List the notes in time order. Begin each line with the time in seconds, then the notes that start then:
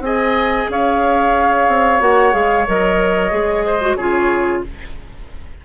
0.00 C4 G#4 D#5 G#5
0.70 C#4 C#5 F5
1.68 C4
2.01 A#3 F#4 F#5
2.32 G#3 G#4 F5
2.67 F#3 A#4 D#5
3.31 G#3 G#4
3.66 C5
3.81 F#4
3.96 C#3 F4 G#4 C#5